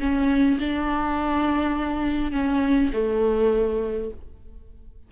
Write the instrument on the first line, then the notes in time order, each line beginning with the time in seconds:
viola
0.00 C#4
0.60 D4
2.32 C#4
2.93 A3